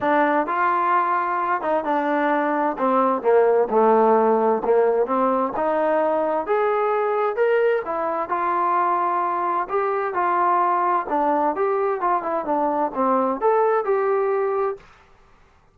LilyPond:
\new Staff \with { instrumentName = "trombone" } { \time 4/4 \tempo 4 = 130 d'4 f'2~ f'8 dis'8 | d'2 c'4 ais4 | a2 ais4 c'4 | dis'2 gis'2 |
ais'4 e'4 f'2~ | f'4 g'4 f'2 | d'4 g'4 f'8 e'8 d'4 | c'4 a'4 g'2 | }